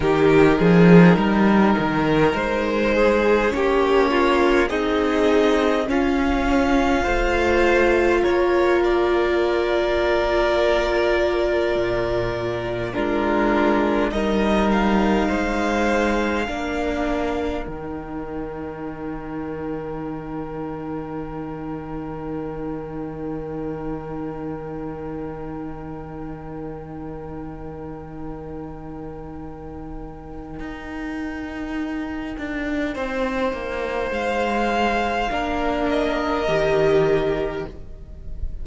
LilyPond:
<<
  \new Staff \with { instrumentName = "violin" } { \time 4/4 \tempo 4 = 51 ais'2 c''4 cis''4 | dis''4 f''2 cis''8 d''8~ | d''2. ais'4 | dis''8 f''2~ f''8 g''4~ |
g''1~ | g''1~ | g''1~ | g''4 f''4. dis''4. | }
  \new Staff \with { instrumentName = "violin" } { \time 4/4 g'8 gis'8 ais'4. gis'8 g'8 f'8 | dis'4 cis'4 c''4 ais'4~ | ais'2. f'4 | ais'4 c''4 ais'2~ |
ais'1~ | ais'1~ | ais'1 | c''2 ais'2 | }
  \new Staff \with { instrumentName = "viola" } { \time 4/4 dis'2. cis'4 | gis'4 f'2.~ | f'2. d'4 | dis'2 d'4 dis'4~ |
dis'1~ | dis'1~ | dis'1~ | dis'2 d'4 g'4 | }
  \new Staff \with { instrumentName = "cello" } { \time 4/4 dis8 f8 g8 dis8 gis4 ais4 | c'4 cis'4 a4 ais4~ | ais2 ais,4 gis4 | g4 gis4 ais4 dis4~ |
dis1~ | dis1~ | dis2 dis'4. d'8 | c'8 ais8 gis4 ais4 dis4 | }
>>